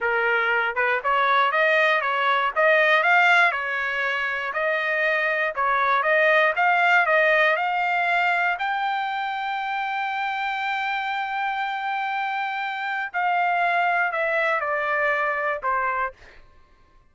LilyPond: \new Staff \with { instrumentName = "trumpet" } { \time 4/4 \tempo 4 = 119 ais'4. b'8 cis''4 dis''4 | cis''4 dis''4 f''4 cis''4~ | cis''4 dis''2 cis''4 | dis''4 f''4 dis''4 f''4~ |
f''4 g''2.~ | g''1~ | g''2 f''2 | e''4 d''2 c''4 | }